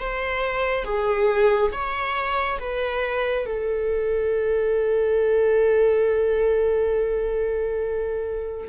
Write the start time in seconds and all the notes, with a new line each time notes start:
0.00 C5
0.85 G#4
1.72 C#5
2.59 B4
3.46 A4